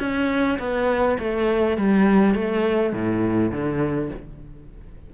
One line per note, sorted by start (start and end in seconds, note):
0.00 0.59 C#4
0.59 1.18 B3
1.20 1.78 A3
1.78 2.35 G3
2.35 2.94 A3
2.94 3.52 A2
3.52 4.11 D3